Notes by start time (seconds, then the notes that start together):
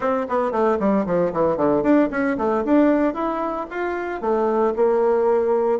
0.00 C4
0.28 B3
0.51 A3
0.79 G3
1.06 F3
1.32 E3
1.56 D3
1.83 D4
2.11 C#4
2.37 A3
2.64 D4
3.13 E4
3.70 F4
4.21 A3
4.76 A#3